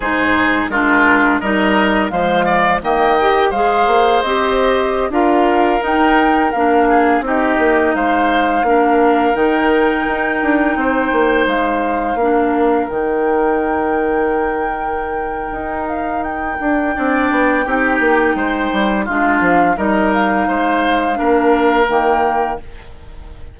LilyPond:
<<
  \new Staff \with { instrumentName = "flute" } { \time 4/4 \tempo 4 = 85 c''4 ais'4 dis''4 f''4 | g''4 f''4 dis''4~ dis''16 f''8.~ | f''16 g''4 f''4 dis''4 f''8.~ | f''4~ f''16 g''2~ g''8.~ |
g''16 f''2 g''4.~ g''16~ | g''2~ g''8 f''8 g''4~ | g''2. f''4 | dis''8 f''2~ f''8 g''4 | }
  \new Staff \with { instrumentName = "oboe" } { \time 4/4 gis'4 f'4 ais'4 c''8 d''8 | dis''4 c''2~ c''16 ais'8.~ | ais'4.~ ais'16 gis'8 g'4 c''8.~ | c''16 ais'2. c''8.~ |
c''4~ c''16 ais'2~ ais'8.~ | ais'1 | d''4 g'4 c''4 f'4 | ais'4 c''4 ais'2 | }
  \new Staff \with { instrumentName = "clarinet" } { \time 4/4 dis'4 d'4 dis'4 gis4 | ais8 g'8 gis'4 g'4~ g'16 f'8.~ | f'16 dis'4 d'4 dis'4.~ dis'16~ | dis'16 d'4 dis'2~ dis'8.~ |
dis'4~ dis'16 d'4 dis'4.~ dis'16~ | dis'1 | d'4 dis'2 d'4 | dis'2 d'4 ais4 | }
  \new Staff \with { instrumentName = "bassoon" } { \time 4/4 gis,4 gis4 g4 f4 | dis4 gis8 ais8 c'4~ c'16 d'8.~ | d'16 dis'4 ais4 c'8 ais8 gis8.~ | gis16 ais4 dis4 dis'8 d'8 c'8 ais16~ |
ais16 gis4 ais4 dis4.~ dis16~ | dis2 dis'4. d'8 | c'8 b8 c'8 ais8 gis8 g8 gis8 f8 | g4 gis4 ais4 dis4 | }
>>